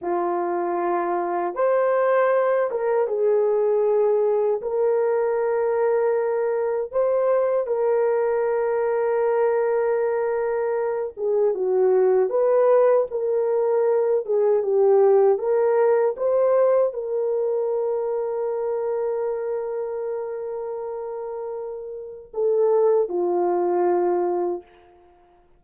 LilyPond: \new Staff \with { instrumentName = "horn" } { \time 4/4 \tempo 4 = 78 f'2 c''4. ais'8 | gis'2 ais'2~ | ais'4 c''4 ais'2~ | ais'2~ ais'8 gis'8 fis'4 |
b'4 ais'4. gis'8 g'4 | ais'4 c''4 ais'2~ | ais'1~ | ais'4 a'4 f'2 | }